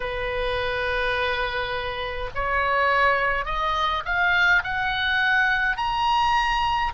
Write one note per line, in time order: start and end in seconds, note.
0.00 2.30 B4
2.34 3.45 C#5
3.45 4.03 D#5
4.05 4.63 F5
4.63 5.76 F#5
5.76 6.92 A#5